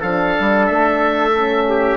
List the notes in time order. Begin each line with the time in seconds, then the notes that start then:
0.00 F3 D4 A4 F5
0.40 G3
0.66 A3 E5
1.34 C#4
1.69 G4